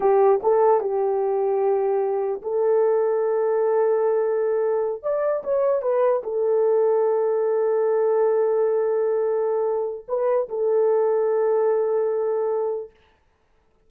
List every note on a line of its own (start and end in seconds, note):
0.00 0.40 G4
0.42 0.80 A4
0.80 2.41 G4
2.42 5.02 A4
5.02 5.43 D5
5.43 5.82 C#5
5.82 6.22 B4
6.23 10.05 A4
10.08 10.48 B4
10.48 12.90 A4